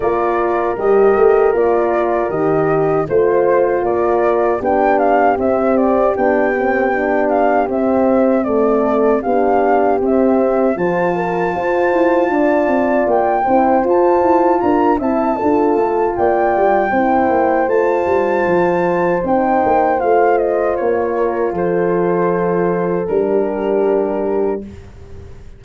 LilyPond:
<<
  \new Staff \with { instrumentName = "flute" } { \time 4/4 \tempo 4 = 78 d''4 dis''4 d''4 dis''4 | c''4 d''4 g''8 f''8 e''8 d''8 | g''4. f''8 e''4 d''4 | f''4 e''4 a''2~ |
a''4 g''4 a''4 ais''8 a''8~ | a''4 g''2 a''4~ | a''4 g''4 f''8 dis''8 cis''4 | c''2 ais'2 | }
  \new Staff \with { instrumentName = "horn" } { \time 4/4 ais'1 | c''4 ais'4 g'2~ | g'2. a'4 | g'2 c''8 ais'8 c''4 |
d''4. c''4. ais'8 e''8 | a'4 d''4 c''2~ | c''2.~ c''8 ais'8 | a'2~ a'16 g'4.~ g'16 | }
  \new Staff \with { instrumentName = "horn" } { \time 4/4 f'4 g'4 f'4 g'4 | f'2 d'4 c'4 | d'8 c'8 d'4 c'4 a4 | d'4 c'4 f'2~ |
f'4. e'8 f'4. e'8 | f'2 e'4 f'4~ | f'4 dis'4 f'2~ | f'2 d'2 | }
  \new Staff \with { instrumentName = "tuba" } { \time 4/4 ais4 g8 a8 ais4 dis4 | a4 ais4 b4 c'4 | b2 c'2 | b4 c'4 f4 f'8 e'8 |
d'8 c'8 ais8 c'8 f'8 e'8 d'8 c'8 | d'8 a8 ais8 g8 c'8 ais8 a8 g8 | f4 c'8 ais8 a4 ais4 | f2 g2 | }
>>